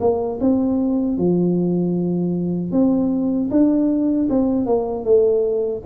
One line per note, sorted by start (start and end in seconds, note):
0.00 0.39 A#3
0.40 1.17 C4
1.17 2.71 F3
2.71 3.49 C4
3.50 4.28 D4
4.29 4.65 C4
4.65 5.04 A#3
5.04 5.82 A3